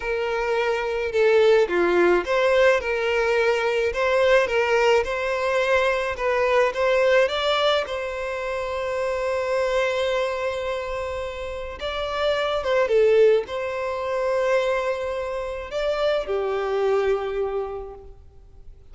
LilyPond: \new Staff \with { instrumentName = "violin" } { \time 4/4 \tempo 4 = 107 ais'2 a'4 f'4 | c''4 ais'2 c''4 | ais'4 c''2 b'4 | c''4 d''4 c''2~ |
c''1~ | c''4 d''4. c''8 a'4 | c''1 | d''4 g'2. | }